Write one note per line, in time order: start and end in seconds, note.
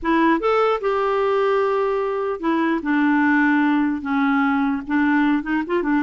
0.02 0.40 E4
0.40 0.80 A4
0.81 2.40 G4
2.40 2.80 E4
2.82 4.01 D4
4.01 4.82 C#4
4.87 5.42 D4
5.42 5.62 D#4
5.67 5.83 F4
5.83 6.03 D4